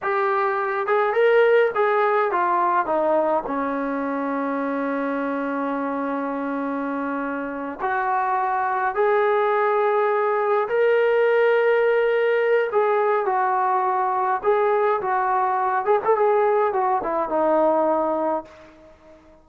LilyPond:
\new Staff \with { instrumentName = "trombone" } { \time 4/4 \tempo 4 = 104 g'4. gis'8 ais'4 gis'4 | f'4 dis'4 cis'2~ | cis'1~ | cis'4. fis'2 gis'8~ |
gis'2~ gis'8 ais'4.~ | ais'2 gis'4 fis'4~ | fis'4 gis'4 fis'4. gis'16 a'16 | gis'4 fis'8 e'8 dis'2 | }